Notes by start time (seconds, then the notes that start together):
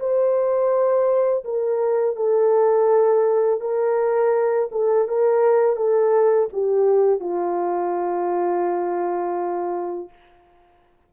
0.00 C5
1.45 A#4
2.17 A4
3.61 A#4
4.72 A4
5.08 A#4
5.77 A4
6.53 G4
7.20 F4